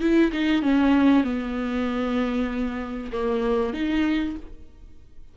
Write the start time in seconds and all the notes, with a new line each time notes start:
0.00 E4
0.32 D#4
0.62 C#4
1.24 B3
3.12 A#3
3.73 D#4